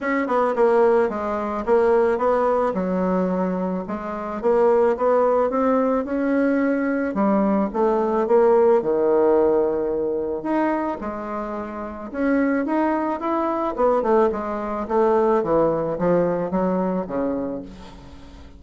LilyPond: \new Staff \with { instrumentName = "bassoon" } { \time 4/4 \tempo 4 = 109 cis'8 b8 ais4 gis4 ais4 | b4 fis2 gis4 | ais4 b4 c'4 cis'4~ | cis'4 g4 a4 ais4 |
dis2. dis'4 | gis2 cis'4 dis'4 | e'4 b8 a8 gis4 a4 | e4 f4 fis4 cis4 | }